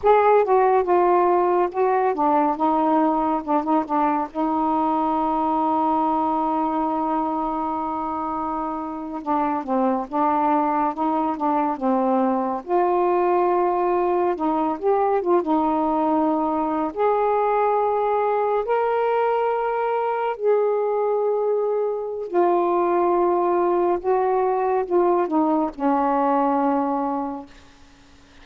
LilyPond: \new Staff \with { instrumentName = "saxophone" } { \time 4/4 \tempo 4 = 70 gis'8 fis'8 f'4 fis'8 d'8 dis'4 | d'16 dis'16 d'8 dis'2.~ | dis'2~ dis'8. d'8 c'8 d'16~ | d'8. dis'8 d'8 c'4 f'4~ f'16~ |
f'8. dis'8 g'8 f'16 dis'4.~ dis'16 gis'16~ | gis'4.~ gis'16 ais'2 gis'16~ | gis'2 f'2 | fis'4 f'8 dis'8 cis'2 | }